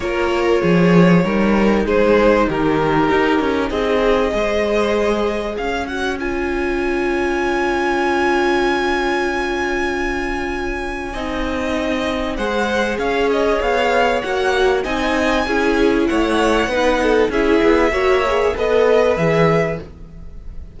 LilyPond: <<
  \new Staff \with { instrumentName = "violin" } { \time 4/4 \tempo 4 = 97 cis''2. c''4 | ais'2 dis''2~ | dis''4 f''8 fis''8 gis''2~ | gis''1~ |
gis''1 | fis''4 f''8 dis''8 f''4 fis''4 | gis''2 fis''2 | e''2 dis''4 e''4 | }
  \new Staff \with { instrumentName = "violin" } { \time 4/4 ais'4 gis'4 ais'4 gis'4 | g'2 gis'4 c''4~ | c''4 cis''2.~ | cis''1~ |
cis''2 dis''2 | c''4 cis''2. | dis''4 gis'4 cis''4 b'8 a'8 | gis'4 cis''4 b'2 | }
  \new Staff \with { instrumentName = "viola" } { \time 4/4 f'2 dis'2~ | dis'2. gis'4~ | gis'4. fis'8 f'2~ | f'1~ |
f'2 dis'2 | gis'2. fis'4 | dis'4 e'2 dis'4 | e'4 fis'8 gis'8 a'4 gis'4 | }
  \new Staff \with { instrumentName = "cello" } { \time 4/4 ais4 f4 g4 gis4 | dis4 dis'8 cis'8 c'4 gis4~ | gis4 cis'2.~ | cis'1~ |
cis'2 c'2 | gis4 cis'4 b4 ais4 | c'4 cis'4 a4 b4 | cis'8 b8 ais4 b4 e4 | }
>>